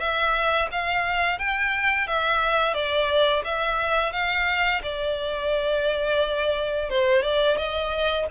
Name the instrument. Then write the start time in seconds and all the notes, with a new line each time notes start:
violin
0.00 E5
0.72 F5
1.39 G5
2.08 E5
2.74 D5
3.45 E5
4.13 F5
4.83 D5
6.90 C5
7.23 D5
7.58 D#5